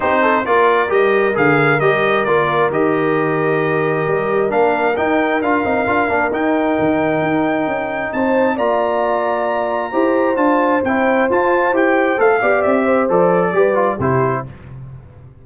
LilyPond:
<<
  \new Staff \with { instrumentName = "trumpet" } { \time 4/4 \tempo 4 = 133 c''4 d''4 dis''4 f''4 | dis''4 d''4 dis''2~ | dis''2 f''4 g''4 | f''2 g''2~ |
g''2 a''4 ais''4~ | ais''2. a''4 | g''4 a''4 g''4 f''4 | e''4 d''2 c''4 | }
  \new Staff \with { instrumentName = "horn" } { \time 4/4 g'8 a'8 ais'2.~ | ais'1~ | ais'1~ | ais'1~ |
ais'2 c''4 d''4~ | d''2 c''2~ | c''2.~ c''8 d''8~ | d''8 c''4. b'4 g'4 | }
  \new Staff \with { instrumentName = "trombone" } { \time 4/4 dis'4 f'4 g'4 gis'4 | g'4 f'4 g'2~ | g'2 d'4 dis'4 | f'8 dis'8 f'8 d'8 dis'2~ |
dis'2. f'4~ | f'2 g'4 f'4 | e'4 f'4 g'4 a'8 g'8~ | g'4 a'4 g'8 f'8 e'4 | }
  \new Staff \with { instrumentName = "tuba" } { \time 4/4 c'4 ais4 g4 d4 | g4 ais4 dis2~ | dis4 g4 ais4 dis'4 | d'8 c'8 d'8 ais8 dis'4 dis4 |
dis'4 cis'4 c'4 ais4~ | ais2 e'4 d'4 | c'4 f'4 e'4 a8 b8 | c'4 f4 g4 c4 | }
>>